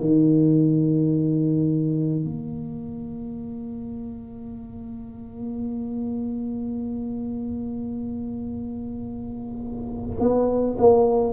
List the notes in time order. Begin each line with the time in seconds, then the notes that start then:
0.00 D#3
2.24 A#3
10.20 B3
10.78 A#3